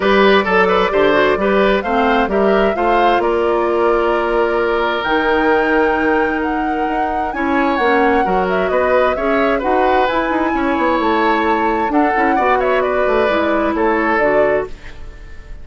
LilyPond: <<
  \new Staff \with { instrumentName = "flute" } { \time 4/4 \tempo 4 = 131 d''1 | f''4 e''4 f''4 d''4~ | d''2. g''4~ | g''2 fis''2 |
gis''4 fis''4. e''8 dis''4 | e''4 fis''4 gis''2 | a''2 fis''4. e''8 | d''2 cis''4 d''4 | }
  \new Staff \with { instrumentName = "oboe" } { \time 4/4 b'4 a'8 b'8 c''4 b'4 | c''4 ais'4 c''4 ais'4~ | ais'1~ | ais'1 |
cis''2 ais'4 b'4 | cis''4 b'2 cis''4~ | cis''2 a'4 d''8 cis''8 | b'2 a'2 | }
  \new Staff \with { instrumentName = "clarinet" } { \time 4/4 g'4 a'4 g'8 fis'8 g'4 | c'4 g'4 f'2~ | f'2. dis'4~ | dis'1 |
e'4 cis'4 fis'2 | gis'4 fis'4 e'2~ | e'2 d'8 e'8 fis'4~ | fis'4 e'2 fis'4 | }
  \new Staff \with { instrumentName = "bassoon" } { \time 4/4 g4 fis4 d4 g4 | a4 g4 a4 ais4~ | ais2. dis4~ | dis2. dis'4 |
cis'4 ais4 fis4 b4 | cis'4 dis'4 e'8 dis'8 cis'8 b8 | a2 d'8 cis'8 b4~ | b8 a8 gis4 a4 d4 | }
>>